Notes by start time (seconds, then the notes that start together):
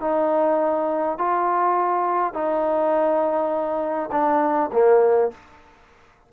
0.00 D#4
1.18 F4
2.33 D#4
4.11 D4
4.72 A#3